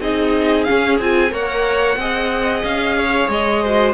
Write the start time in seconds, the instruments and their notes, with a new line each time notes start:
0.00 cello C4, viola D#4, violin G#4 D#5
0.64 viola C#4, violin F5
0.70 cello C#4
0.99 cello C4, viola F4, violin G#5
1.30 cello A#3, viola A#4, violin C#5 F#5
1.97 cello C4, viola G#4, violin D#5
2.64 cello C#4, violin F5
2.98 violin C#5
3.28 cello G#3, violin D#5
3.62 viola F#4, violin C5